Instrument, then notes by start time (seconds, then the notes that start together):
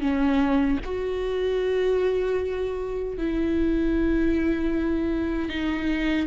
viola
0.00 C#4
0.84 F#4
3.17 E4
5.49 D#4